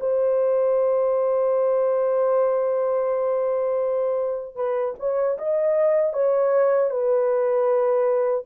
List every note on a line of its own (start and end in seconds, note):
0.00 4.56 C5
4.56 4.94 B4
4.99 5.37 C#5
5.38 6.13 D#5
6.13 6.90 C#5
6.90 8.44 B4